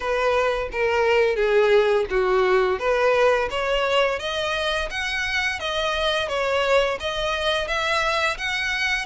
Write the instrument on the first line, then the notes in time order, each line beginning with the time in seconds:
violin
0.00 B4
0.72 A#4
1.35 G#4
2.09 F#4
2.79 B4
3.50 C#5
4.19 D#5
4.90 F#5
5.59 D#5
6.28 C#5
7.00 D#5
7.67 E5
8.37 F#5